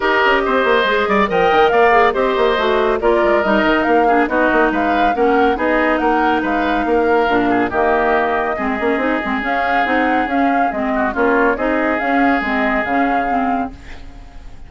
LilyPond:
<<
  \new Staff \with { instrumentName = "flute" } { \time 4/4 \tempo 4 = 140 dis''2. g''4 | f''4 dis''2 d''4 | dis''4 f''4 dis''4 f''4 | fis''4 dis''4 fis''4 f''4~ |
f''2 dis''2~ | dis''2 f''4 fis''4 | f''4 dis''4 cis''4 dis''4 | f''4 dis''4 f''2 | }
  \new Staff \with { instrumentName = "oboe" } { \time 4/4 ais'4 c''4. d''8 dis''4 | d''4 c''2 ais'4~ | ais'4. gis'8 fis'4 b'4 | ais'4 gis'4 ais'4 b'4 |
ais'4. gis'8 g'2 | gis'1~ | gis'4. fis'8 f'4 gis'4~ | gis'1 | }
  \new Staff \with { instrumentName = "clarinet" } { \time 4/4 g'2 gis'4 ais'4~ | ais'8 gis'8 g'4 fis'4 f'4 | dis'4. d'8 dis'2 | cis'4 dis'2.~ |
dis'4 d'4 ais2 | c'8 cis'8 dis'8 c'8 cis'4 dis'4 | cis'4 c'4 cis'4 dis'4 | cis'4 c'4 cis'4 c'4 | }
  \new Staff \with { instrumentName = "bassoon" } { \time 4/4 dis'8 cis'8 c'8 ais8 gis8 g8 f8 dis8 | ais4 c'8 ais8 a4 ais8 gis8 | g8 dis8 ais4 b8 ais8 gis4 | ais4 b4 ais4 gis4 |
ais4 ais,4 dis2 | gis8 ais8 c'8 gis8 cis'4 c'4 | cis'4 gis4 ais4 c'4 | cis'4 gis4 cis2 | }
>>